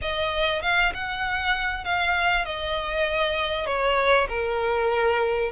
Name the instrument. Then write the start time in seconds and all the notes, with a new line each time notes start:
violin
0.01 D#5
0.62 F5
0.94 F#5
1.84 F5
2.45 D#5
3.66 C#5
4.29 A#4